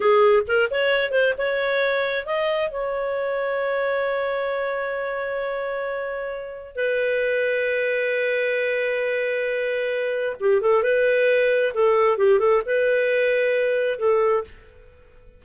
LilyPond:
\new Staff \with { instrumentName = "clarinet" } { \time 4/4 \tempo 4 = 133 gis'4 ais'8 cis''4 c''8 cis''4~ | cis''4 dis''4 cis''2~ | cis''1~ | cis''2. b'4~ |
b'1~ | b'2. g'8 a'8 | b'2 a'4 g'8 a'8 | b'2. a'4 | }